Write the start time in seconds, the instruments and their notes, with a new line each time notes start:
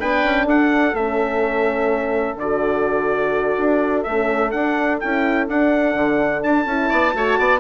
0.00 bassoon B3, horn D4, oboe B4, trumpet G5
0.24 bassoon C#4
0.47 bassoon D4, oboe A4, trumpet F#5
0.94 bassoon A3, horn C#4, trumpet E5
2.36 bassoon D3, horn F#4, trumpet D5
3.58 bassoon D4
4.03 bassoon A3, trumpet E5
4.10 horn C#4
4.51 horn D4, bassoon D4, trumpet F#5
5.00 bassoon C#4, horn E4, trumpet G5
5.48 bassoon D4, horn D4, trumpet F#5
5.95 bassoon D3
6.43 bassoon D4, trumpet A5
6.66 bassoon C#4, horn E4
6.89 bassoon B3, oboe D5
7.13 bassoon A3, horn F#4, oboe C#5
7.39 bassoon B3, oboe D5